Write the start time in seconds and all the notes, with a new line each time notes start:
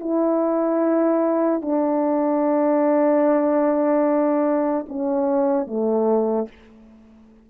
0.00 E4
1.61 D4
4.88 C#4
5.67 A3